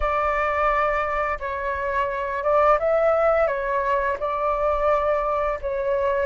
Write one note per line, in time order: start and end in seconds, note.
0.00 1.38 D5
1.40 2.43 C#5
2.43 2.78 D5
2.79 3.47 E5
3.47 4.17 C#5
4.19 5.59 D5
5.61 6.26 C#5